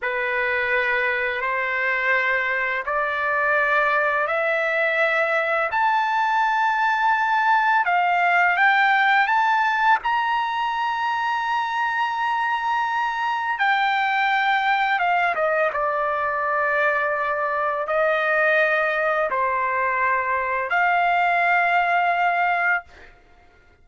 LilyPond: \new Staff \with { instrumentName = "trumpet" } { \time 4/4 \tempo 4 = 84 b'2 c''2 | d''2 e''2 | a''2. f''4 | g''4 a''4 ais''2~ |
ais''2. g''4~ | g''4 f''8 dis''8 d''2~ | d''4 dis''2 c''4~ | c''4 f''2. | }